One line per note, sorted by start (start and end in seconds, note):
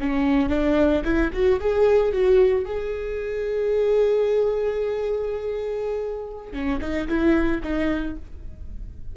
0.00 0.49 C#4
0.49 1.03 D4
1.04 1.31 E4
1.33 1.59 F#4
1.60 2.13 G#4
2.13 2.65 F#4
2.65 6.53 G#4
6.53 6.80 C#4
6.81 7.08 D#4
7.08 7.62 E4
7.63 8.16 D#4